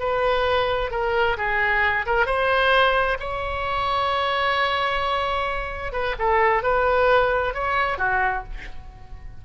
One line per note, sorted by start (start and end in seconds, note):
0.00 0.91 B4
0.91 1.37 A#4
1.37 2.06 G#4
2.06 2.26 A#4
2.26 3.18 C5
3.20 5.93 C#5
5.93 6.15 B4
6.19 6.63 A4
6.63 7.54 B4
7.54 7.98 C#5
7.98 8.44 F#4